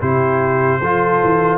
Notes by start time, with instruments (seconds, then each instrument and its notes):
0.00 tuba C3, trombone E4, horn G4, trumpet C5
0.81 tuba F3, trombone F4, horn A4
1.23 tuba E3